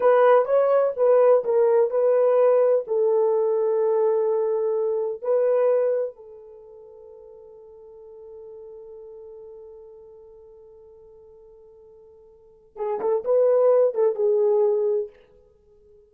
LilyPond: \new Staff \with { instrumentName = "horn" } { \time 4/4 \tempo 4 = 127 b'4 cis''4 b'4 ais'4 | b'2 a'2~ | a'2. b'4~ | b'4 a'2.~ |
a'1~ | a'1~ | a'2. gis'8 a'8 | b'4. a'8 gis'2 | }